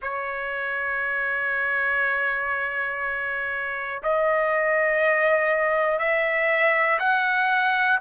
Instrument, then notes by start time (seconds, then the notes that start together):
trumpet
0.01 C#5
4.02 D#5
5.99 E5
6.99 F#5